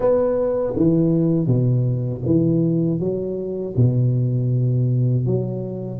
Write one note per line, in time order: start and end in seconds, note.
0.00 0.74 B3
0.76 1.46 E3
1.46 2.21 B2
2.25 2.99 E3
2.99 3.74 F#3
3.76 5.25 B2
5.25 5.99 F#3